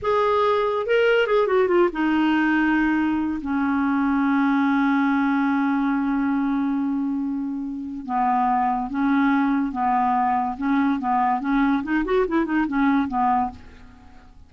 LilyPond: \new Staff \with { instrumentName = "clarinet" } { \time 4/4 \tempo 4 = 142 gis'2 ais'4 gis'8 fis'8 | f'8 dis'2.~ dis'8 | cis'1~ | cis'1~ |
cis'2. b4~ | b4 cis'2 b4~ | b4 cis'4 b4 cis'4 | dis'8 fis'8 e'8 dis'8 cis'4 b4 | }